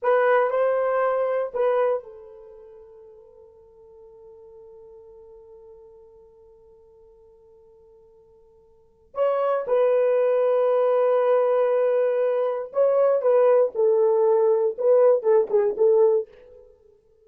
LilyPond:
\new Staff \with { instrumentName = "horn" } { \time 4/4 \tempo 4 = 118 b'4 c''2 b'4 | a'1~ | a'1~ | a'1~ |
a'2 cis''4 b'4~ | b'1~ | b'4 cis''4 b'4 a'4~ | a'4 b'4 a'8 gis'8 a'4 | }